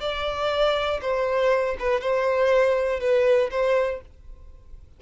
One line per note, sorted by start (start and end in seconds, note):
0.00 1.00 D5
1.01 1.76 C5
1.79 2.00 B4
2.00 3.00 C5
3.00 3.50 B4
3.50 4.00 C5